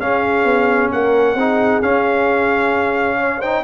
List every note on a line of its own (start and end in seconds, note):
0.00 0.45 C#4
0.00 1.37 C#4
0.00 0.93 G#4
0.00 0.91 F5
0.45 0.90 B3
0.92 1.35 A#3
0.92 1.38 A#4
0.92 1.82 F#5
1.35 1.80 C4
1.35 1.83 D#4
1.35 3.16 G#4
1.82 3.64 C#4
1.82 3.42 C#4
1.82 3.41 F5
3.16 3.39 C#5
3.39 3.64 D#4
3.39 3.62 C5
3.39 3.64 G5